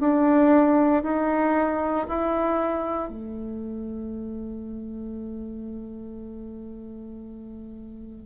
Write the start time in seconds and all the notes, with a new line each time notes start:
0.00 D4
1.03 D#4
2.08 E4
3.09 A3